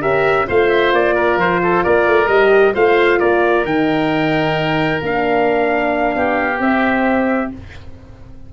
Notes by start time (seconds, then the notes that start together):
0.00 C#4 G4 A#4 E5
0.46 A3 F4 C5 F5
0.69 E5
0.92 A#3 D5
1.15 A#4
1.36 F3 C5
1.62 A4
1.83 A#3 A#4 D5
2.07 A3
2.27 G3 G4 D#5
2.73 A3 F4 C5 F5
3.19 A#3 A#4 D5
3.64 D#3 D#4 G5
5.01 A#3 D4 F5
6.15 B3 G4
6.57 C4 E5